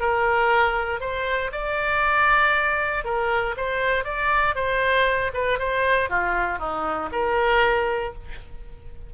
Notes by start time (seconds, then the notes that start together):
0.00 A#4
1.00 C5
1.52 D5
3.04 A#4
3.56 C5
4.04 D5
4.55 C5
5.34 B4
5.58 C5
6.09 F4
6.58 D#4
7.12 A#4